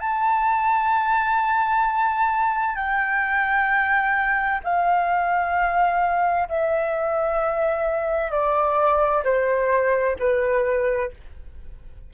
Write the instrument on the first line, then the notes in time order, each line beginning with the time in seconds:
flute
0.00 A5
2.76 G5
4.64 F5
6.49 E5
8.31 D5
9.24 C5
10.19 B4